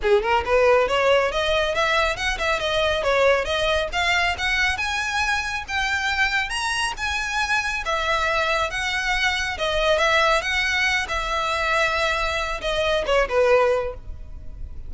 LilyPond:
\new Staff \with { instrumentName = "violin" } { \time 4/4 \tempo 4 = 138 gis'8 ais'8 b'4 cis''4 dis''4 | e''4 fis''8 e''8 dis''4 cis''4 | dis''4 f''4 fis''4 gis''4~ | gis''4 g''2 ais''4 |
gis''2 e''2 | fis''2 dis''4 e''4 | fis''4. e''2~ e''8~ | e''4 dis''4 cis''8 b'4. | }